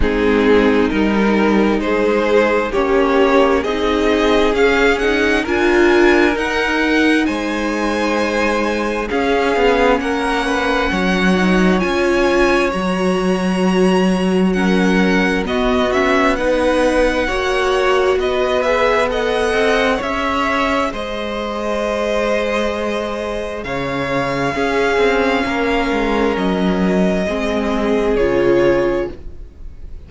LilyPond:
<<
  \new Staff \with { instrumentName = "violin" } { \time 4/4 \tempo 4 = 66 gis'4 ais'4 c''4 cis''4 | dis''4 f''8 fis''8 gis''4 fis''4 | gis''2 f''4 fis''4~ | fis''4 gis''4 ais''2 |
fis''4 dis''8 e''8 fis''2 | dis''8 e''8 fis''4 e''4 dis''4~ | dis''2 f''2~ | f''4 dis''2 cis''4 | }
  \new Staff \with { instrumentName = "violin" } { \time 4/4 dis'2 gis'4 g'4 | gis'2 ais'2 | c''2 gis'4 ais'8 b'8 | cis''1 |
ais'4 fis'4 b'4 cis''4 | b'4 dis''4 cis''4 c''4~ | c''2 cis''4 gis'4 | ais'2 gis'2 | }
  \new Staff \with { instrumentName = "viola" } { \time 4/4 c'4 dis'2 cis'4 | dis'4 cis'8 dis'8 f'4 dis'4~ | dis'2 cis'2~ | cis'8 dis'8 f'4 fis'2 |
cis'4 b8 cis'8 dis'4 fis'4~ | fis'8 gis'8 a'4 gis'2~ | gis'2. cis'4~ | cis'2 c'4 f'4 | }
  \new Staff \with { instrumentName = "cello" } { \time 4/4 gis4 g4 gis4 ais4 | c'4 cis'4 d'4 dis'4 | gis2 cis'8 b8 ais4 | fis4 cis'4 fis2~ |
fis4 b2 ais4 | b4. c'8 cis'4 gis4~ | gis2 cis4 cis'8 c'8 | ais8 gis8 fis4 gis4 cis4 | }
>>